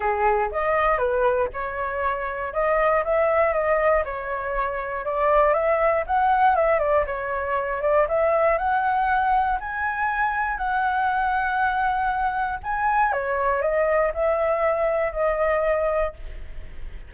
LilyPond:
\new Staff \with { instrumentName = "flute" } { \time 4/4 \tempo 4 = 119 gis'4 dis''4 b'4 cis''4~ | cis''4 dis''4 e''4 dis''4 | cis''2 d''4 e''4 | fis''4 e''8 d''8 cis''4. d''8 |
e''4 fis''2 gis''4~ | gis''4 fis''2.~ | fis''4 gis''4 cis''4 dis''4 | e''2 dis''2 | }